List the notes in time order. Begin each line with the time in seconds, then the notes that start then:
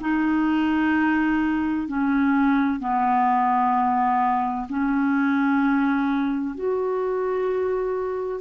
0.00 D#4
1.87 C#4
2.80 B3
4.69 C#4
6.55 F#4